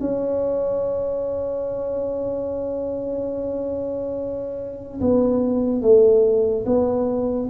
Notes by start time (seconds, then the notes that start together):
0.00 C#4
5.00 B3
5.81 A3
6.66 B3